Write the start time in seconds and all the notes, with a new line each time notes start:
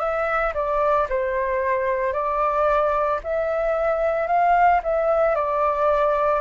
0.00 E5
0.54 D5
1.10 C5
2.13 D5
3.24 E5
4.28 F5
4.84 E5
5.36 D5